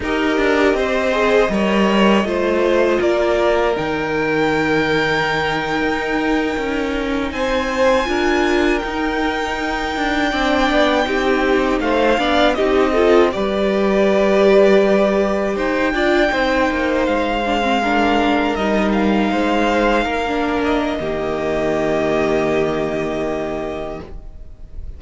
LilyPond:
<<
  \new Staff \with { instrumentName = "violin" } { \time 4/4 \tempo 4 = 80 dis''1 | d''4 g''2.~ | g''4.~ g''16 gis''2 g''16~ | g''2.~ g''8. f''16~ |
f''8. dis''4 d''2~ d''16~ | d''8. g''2 f''4~ f''16~ | f''8. dis''8 f''2~ f''16 dis''8~ | dis''1 | }
  \new Staff \with { instrumentName = "violin" } { \time 4/4 ais'4 c''4 cis''4 c''4 | ais'1~ | ais'4.~ ais'16 c''4 ais'4~ ais'16~ | ais'4.~ ais'16 d''4 g'4 c''16~ |
c''16 d''8 g'8 a'8 b'2~ b'16~ | b'8. c''8 d''8 c''2 ais'16~ | ais'4.~ ais'16 c''4 ais'4~ ais'16 | g'1 | }
  \new Staff \with { instrumentName = "viola" } { \time 4/4 g'4. gis'8 ais'4 f'4~ | f'4 dis'2.~ | dis'2~ dis'8. f'4 dis'16~ | dis'4.~ dis'16 d'4 dis'4~ dis'16~ |
dis'16 d'8 dis'8 f'8 g'2~ g'16~ | g'4~ g'16 f'8 dis'4. d'16 c'16 d'16~ | d'8. dis'2~ dis'16 d'4 | ais1 | }
  \new Staff \with { instrumentName = "cello" } { \time 4/4 dis'8 d'8 c'4 g4 a4 | ais4 dis2~ dis8. dis'16~ | dis'8. cis'4 c'4 d'4 dis'16~ | dis'4~ dis'16 d'8 c'8 b8 c'4 a16~ |
a16 b8 c'4 g2~ g16~ | g8. dis'8 d'8 c'8 ais8 gis4~ gis16~ | gis8. g4 gis4 ais4~ ais16 | dis1 | }
>>